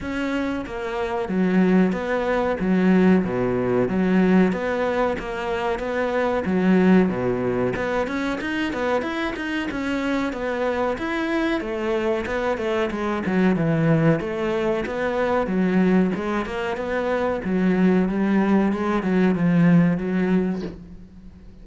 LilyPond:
\new Staff \with { instrumentName = "cello" } { \time 4/4 \tempo 4 = 93 cis'4 ais4 fis4 b4 | fis4 b,4 fis4 b4 | ais4 b4 fis4 b,4 | b8 cis'8 dis'8 b8 e'8 dis'8 cis'4 |
b4 e'4 a4 b8 a8 | gis8 fis8 e4 a4 b4 | fis4 gis8 ais8 b4 fis4 | g4 gis8 fis8 f4 fis4 | }